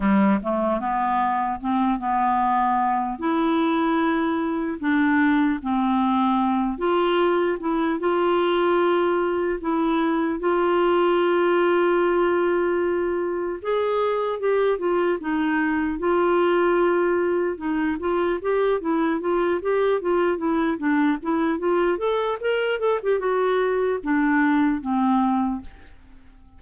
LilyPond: \new Staff \with { instrumentName = "clarinet" } { \time 4/4 \tempo 4 = 75 g8 a8 b4 c'8 b4. | e'2 d'4 c'4~ | c'8 f'4 e'8 f'2 | e'4 f'2.~ |
f'4 gis'4 g'8 f'8 dis'4 | f'2 dis'8 f'8 g'8 e'8 | f'8 g'8 f'8 e'8 d'8 e'8 f'8 a'8 | ais'8 a'16 g'16 fis'4 d'4 c'4 | }